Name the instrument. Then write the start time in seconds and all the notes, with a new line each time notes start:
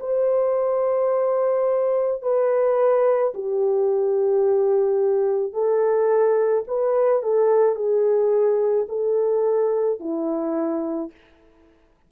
horn
0.00 C5
2.22 B4
3.34 G4
5.53 A4
6.68 B4
7.23 A4
7.75 G#4
8.89 A4
10.00 E4